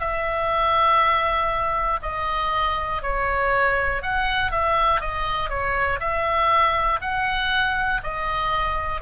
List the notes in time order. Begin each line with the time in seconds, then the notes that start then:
0.00 E5
2.02 D#5
3.02 C#5
4.02 F#5
4.51 E5
5.00 D#5
5.49 C#5
6.00 E5
7.01 F#5
8.03 D#5